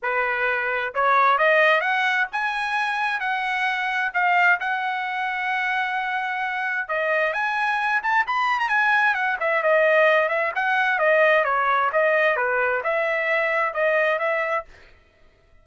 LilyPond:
\new Staff \with { instrumentName = "trumpet" } { \time 4/4 \tempo 4 = 131 b'2 cis''4 dis''4 | fis''4 gis''2 fis''4~ | fis''4 f''4 fis''2~ | fis''2. dis''4 |
gis''4. a''8 b''8. ais''16 gis''4 | fis''8 e''8 dis''4. e''8 fis''4 | dis''4 cis''4 dis''4 b'4 | e''2 dis''4 e''4 | }